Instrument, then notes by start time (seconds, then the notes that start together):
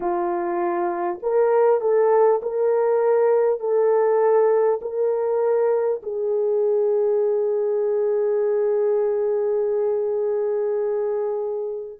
horn
0.00 F4
1.22 A#4
1.81 A4
2.42 A#4
3.60 A4
4.81 A#4
6.02 G#4